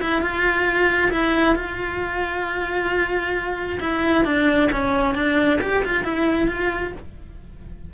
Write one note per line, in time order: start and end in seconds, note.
0.00 0.21 E4
0.21 1.11 F4
1.11 1.55 E4
1.55 3.79 F4
3.80 4.24 E4
4.24 4.69 D4
4.72 5.14 C#4
5.14 5.59 D4
5.61 5.83 G4
5.84 6.04 F4
6.04 6.47 E4
6.47 6.92 F4